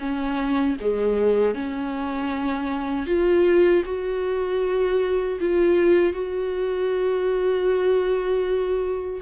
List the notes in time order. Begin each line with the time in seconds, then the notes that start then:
0.00 C#4
0.81 G#3
1.55 C#4
3.07 F4
3.85 F#4
5.41 F4
6.13 F#4